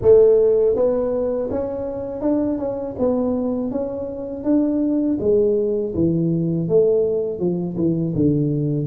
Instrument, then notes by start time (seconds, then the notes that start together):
tuba
0.01 A3
0.75 B3
1.50 C#4
2.21 D4
2.58 C#4
2.98 B3
3.71 C#4
4.43 D4
5.20 G#3
5.95 E3
6.68 A3
7.39 F3
7.76 E3
8.15 D3